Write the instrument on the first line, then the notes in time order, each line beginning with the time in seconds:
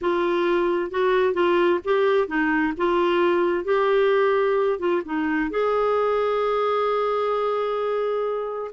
clarinet
0.01 F4
0.90 F#4
1.33 F4
1.84 G4
2.27 D#4
2.77 F4
3.64 G4
4.79 F4
5.05 D#4
5.50 G#4